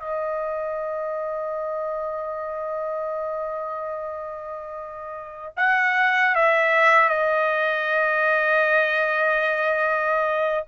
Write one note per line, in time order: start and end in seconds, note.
0.00 5.53 D#5
5.57 6.36 F#5
6.36 7.09 E5
7.09 10.65 D#5